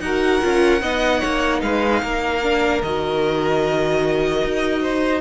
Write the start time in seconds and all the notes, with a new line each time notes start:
0.00 D#4 F#4 A#4 F#5
0.42 C#4 F4
0.81 B3 D#4 D#5
1.20 A#3 C#5
1.62 G#3 B4 F5
2.02 A#3 A#4
2.43 D4
2.83 D#3 F#4 D#5
4.44 D#4
4.82 C5